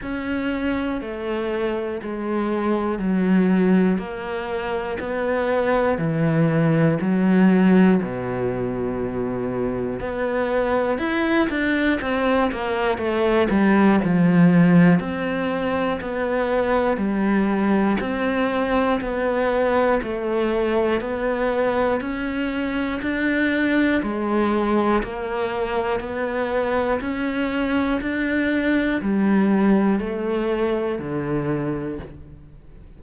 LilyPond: \new Staff \with { instrumentName = "cello" } { \time 4/4 \tempo 4 = 60 cis'4 a4 gis4 fis4 | ais4 b4 e4 fis4 | b,2 b4 e'8 d'8 | c'8 ais8 a8 g8 f4 c'4 |
b4 g4 c'4 b4 | a4 b4 cis'4 d'4 | gis4 ais4 b4 cis'4 | d'4 g4 a4 d4 | }